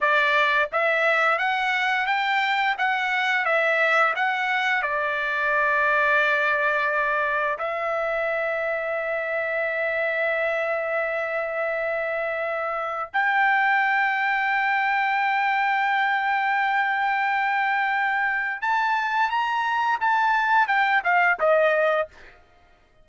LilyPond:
\new Staff \with { instrumentName = "trumpet" } { \time 4/4 \tempo 4 = 87 d''4 e''4 fis''4 g''4 | fis''4 e''4 fis''4 d''4~ | d''2. e''4~ | e''1~ |
e''2. g''4~ | g''1~ | g''2. a''4 | ais''4 a''4 g''8 f''8 dis''4 | }